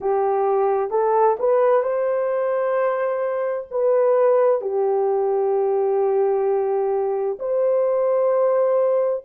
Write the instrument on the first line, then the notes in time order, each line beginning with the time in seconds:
horn
0.00 G4
0.90 A4
1.38 B4
1.83 C5
3.70 B4
4.61 G4
7.39 C5